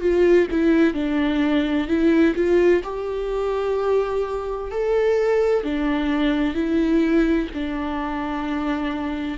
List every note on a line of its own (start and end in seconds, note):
0.00 0.47 F4
0.51 0.94 E4
0.94 1.87 D4
1.87 2.34 E4
2.35 2.82 F4
2.83 4.71 G4
4.71 5.64 A4
5.64 6.54 D4
6.54 7.48 E4
7.54 9.38 D4